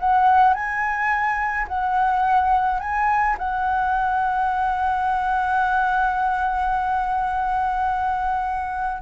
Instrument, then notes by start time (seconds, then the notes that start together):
flute
0.00 F#5
0.54 G#5
1.68 F#5
2.80 G#5
3.39 F#5